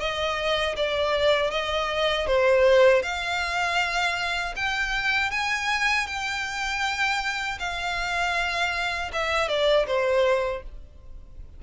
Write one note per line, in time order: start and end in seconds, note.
0.00 0.76 D#5
0.76 1.51 D5
1.51 2.27 D#5
2.27 3.02 C5
3.02 4.54 F5
4.56 5.31 G5
5.31 6.07 G#5
6.07 7.59 G5
7.59 9.11 F5
9.13 9.48 E5
9.48 9.86 D5
9.87 10.63 C5